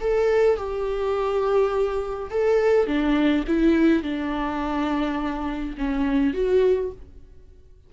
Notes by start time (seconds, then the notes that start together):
0.00 A4
0.57 G4
2.30 A4
2.87 D4
3.47 E4
4.03 D4
5.77 C#4
6.33 F#4